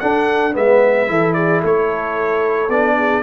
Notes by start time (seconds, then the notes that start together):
0.00 D4 A4 F#5
0.53 G#3 B3 B4 E5
1.07 E3 E4 A4
1.34 G#4 D5
1.61 A3 A4 C#5
2.69 B3 D4 D5
2.98 G#4